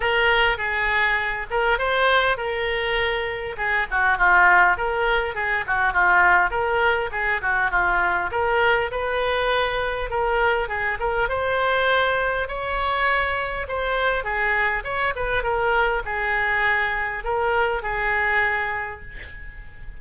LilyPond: \new Staff \with { instrumentName = "oboe" } { \time 4/4 \tempo 4 = 101 ais'4 gis'4. ais'8 c''4 | ais'2 gis'8 fis'8 f'4 | ais'4 gis'8 fis'8 f'4 ais'4 | gis'8 fis'8 f'4 ais'4 b'4~ |
b'4 ais'4 gis'8 ais'8 c''4~ | c''4 cis''2 c''4 | gis'4 cis''8 b'8 ais'4 gis'4~ | gis'4 ais'4 gis'2 | }